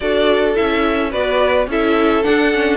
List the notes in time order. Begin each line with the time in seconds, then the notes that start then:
0.00 D4 F#4 A4 D5
0.55 C#4 E4 E5
1.11 B3 F#4 B4 D5
1.67 C#4 E4 A4 E5
2.23 D4 F#5
2.52 C#4